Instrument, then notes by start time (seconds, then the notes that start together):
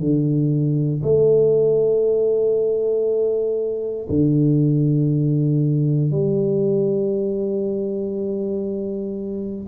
tuba
0.00 D3
1.03 A3
4.09 D3
6.11 G3